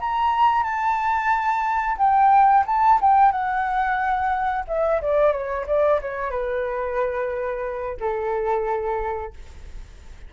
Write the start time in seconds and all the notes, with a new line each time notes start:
0.00 A#5
0.63 A5
1.97 G5
2.66 A5
3.01 G5
3.31 F#5
4.68 E5
5.02 D5
5.32 C#5
5.67 D5
6.01 C#5
6.30 B4
8.00 A4